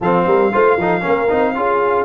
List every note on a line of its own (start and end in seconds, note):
0.00 0.26 F3
0.00 0.52 C4
0.00 0.26 A4
0.00 2.04 F5
0.26 0.52 G3
0.26 0.51 A#4
0.51 0.76 A3
0.51 0.78 F4
0.51 0.77 C5
0.76 1.02 F3
0.76 1.01 D#4
0.76 1.02 A4
1.01 1.31 A#3
1.01 1.27 C#4
1.01 1.53 A#4
1.29 1.55 C4
1.29 1.55 D#4
1.55 2.04 C#4
1.55 2.04 F4
1.55 2.04 G#4